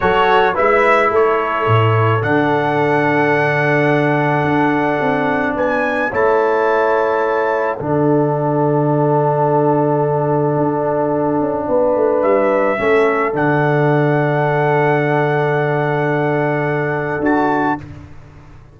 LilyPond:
<<
  \new Staff \with { instrumentName = "trumpet" } { \time 4/4 \tempo 4 = 108 cis''4 e''4 cis''2 | fis''1~ | fis''2 gis''4 a''4~ | a''2 fis''2~ |
fis''1~ | fis''2 e''2 | fis''1~ | fis''2. a''4 | }
  \new Staff \with { instrumentName = "horn" } { \time 4/4 a'4 b'4 a'2~ | a'1~ | a'2 b'4 cis''4~ | cis''2 a'2~ |
a'1~ | a'4 b'2 a'4~ | a'1~ | a'1 | }
  \new Staff \with { instrumentName = "trombone" } { \time 4/4 fis'4 e'2. | d'1~ | d'2. e'4~ | e'2 d'2~ |
d'1~ | d'2. cis'4 | d'1~ | d'2. fis'4 | }
  \new Staff \with { instrumentName = "tuba" } { \time 4/4 fis4 gis4 a4 a,4 | d1 | d'4 c'4 b4 a4~ | a2 d2~ |
d2. d'4~ | d'8 cis'8 b8 a8 g4 a4 | d1~ | d2. d'4 | }
>>